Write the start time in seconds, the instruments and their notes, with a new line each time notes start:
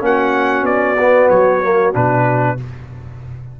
0.00 tuba A#3, trombone C#4, horn F#4, trumpet F#5
0.62 tuba B3, trumpet D5
1.00 trombone B3
1.29 tuba F#3, trumpet C#5
1.63 trombone A#3
1.93 tuba B2, trombone D4, trumpet B4